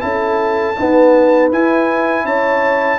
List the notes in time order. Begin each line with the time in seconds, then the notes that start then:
0.00 C#4 E4 A4 A5
0.79 B3 D#4 B4
1.51 E4 G#5
2.24 C#4 C#5 A5